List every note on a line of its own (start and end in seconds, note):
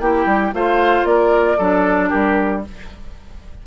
0.00 0.26 A#3
0.00 0.53 E4
0.00 0.55 G4
0.00 0.53 G5
0.26 0.52 G3
0.53 1.04 A3
0.53 1.58 F4
0.53 1.08 C5
0.53 1.05 F5
1.04 1.57 A#3
1.04 1.58 A#4
1.04 2.09 D5
1.58 2.11 F#3
1.58 2.64 D4
1.58 2.09 A4
2.09 2.67 G3
2.09 2.62 G4
2.09 2.62 A#4